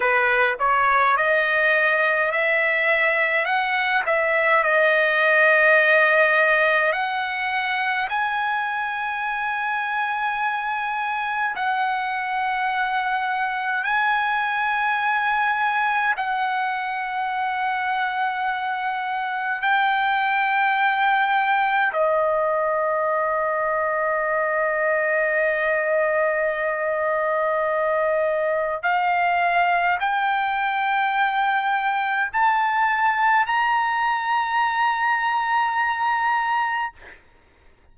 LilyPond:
\new Staff \with { instrumentName = "trumpet" } { \time 4/4 \tempo 4 = 52 b'8 cis''8 dis''4 e''4 fis''8 e''8 | dis''2 fis''4 gis''4~ | gis''2 fis''2 | gis''2 fis''2~ |
fis''4 g''2 dis''4~ | dis''1~ | dis''4 f''4 g''2 | a''4 ais''2. | }